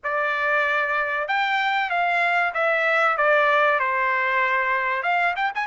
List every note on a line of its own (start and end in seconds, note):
0.03 1.27 D5
1.27 1.90 G5
1.90 2.53 F5
2.54 3.17 E5
3.17 3.79 D5
3.79 5.02 C5
5.02 5.34 F5
5.36 5.51 G5
5.54 5.66 G#5